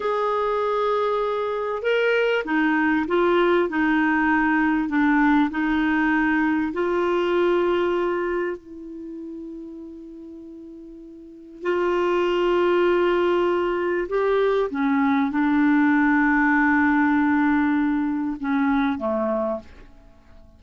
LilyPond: \new Staff \with { instrumentName = "clarinet" } { \time 4/4 \tempo 4 = 98 gis'2. ais'4 | dis'4 f'4 dis'2 | d'4 dis'2 f'4~ | f'2 e'2~ |
e'2. f'4~ | f'2. g'4 | cis'4 d'2.~ | d'2 cis'4 a4 | }